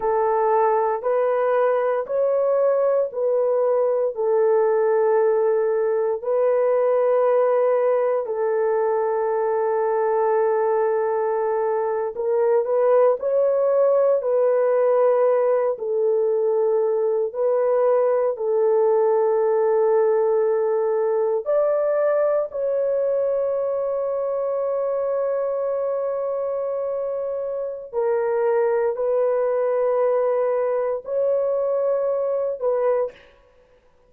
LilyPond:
\new Staff \with { instrumentName = "horn" } { \time 4/4 \tempo 4 = 58 a'4 b'4 cis''4 b'4 | a'2 b'2 | a'2.~ a'8. ais'16~ | ais'16 b'8 cis''4 b'4. a'8.~ |
a'8. b'4 a'2~ a'16~ | a'8. d''4 cis''2~ cis''16~ | cis''2. ais'4 | b'2 cis''4. b'8 | }